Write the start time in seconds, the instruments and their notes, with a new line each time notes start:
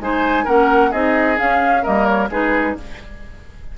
0.00 bassoon G#3, clarinet D#4, oboe C5, flute G#5
0.45 bassoon A#3, clarinet C#4, oboe A#4, flute F#5
0.92 bassoon C4, clarinet D#4, oboe G#4, flute D#5
1.37 clarinet C#4, bassoon C#4, flute F5
1.83 bassoon G3, clarinet A#3, oboe A#4, flute D#5
2.06 flute C#5
2.30 bassoon G#3, clarinet D#4, oboe G#4, flute B4